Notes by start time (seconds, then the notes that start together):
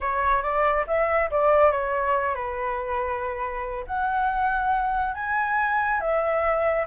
0.00 C#5
0.42 D5
0.87 E5
1.30 D5
1.71 C#5
2.35 B4
3.86 F#5
5.14 G#5
6.00 E5